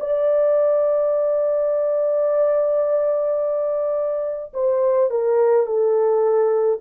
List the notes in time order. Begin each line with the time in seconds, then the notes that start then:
0.00 D5
4.53 C5
5.10 A#4
5.66 A4